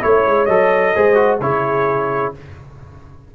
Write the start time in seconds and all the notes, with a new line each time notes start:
0.00 A3 E4 C#5
0.26 G#3
0.45 F#3 A4 D#5
0.95 G#3 G#4 C5
1.15 F#4
1.40 C#3 E4 G#4 C#5